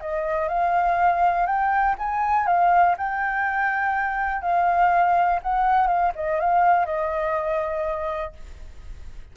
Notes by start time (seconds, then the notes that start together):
0.00 D#5
0.48 F5
1.46 G5
1.98 G#5
2.46 F5
2.98 G5
4.42 F5
5.42 F#5
5.87 F5
6.15 D#5
6.40 F5
6.86 D#5